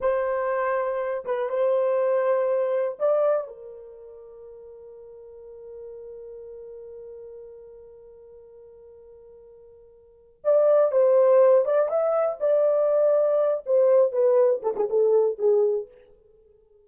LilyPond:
\new Staff \with { instrumentName = "horn" } { \time 4/4 \tempo 4 = 121 c''2~ c''8 b'8 c''4~ | c''2 d''4 ais'4~ | ais'1~ | ais'1~ |
ais'1~ | ais'4 d''4 c''4. d''8 | e''4 d''2~ d''8 c''8~ | c''8 b'4 a'16 gis'16 a'4 gis'4 | }